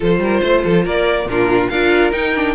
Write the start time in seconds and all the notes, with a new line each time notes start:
0.00 F3 F4 A4 C5
0.19 G3 A#4
0.41 A3 C5
0.64 F3 A4
0.84 A#3 A#4 D5
1.25 A#2 D4 F4 A#4
1.69 D4 F4 A#4 F5
2.12 D#4 G5
2.35 D4